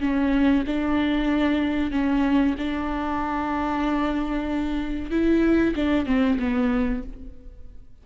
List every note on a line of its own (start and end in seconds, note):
0.00 0.64 C#4
0.67 1.91 D4
1.91 2.55 C#4
2.58 5.10 D4
5.10 5.74 E4
5.75 6.06 D4
6.06 6.38 C4
6.39 7.03 B3